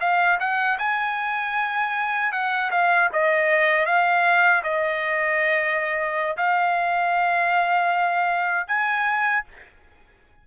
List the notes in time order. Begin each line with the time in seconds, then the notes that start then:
0.00 F5
0.40 F#5
0.78 G#5
2.32 F#5
2.71 F5
3.12 D#5
3.85 F5
4.63 D#5
6.37 F5
8.67 G#5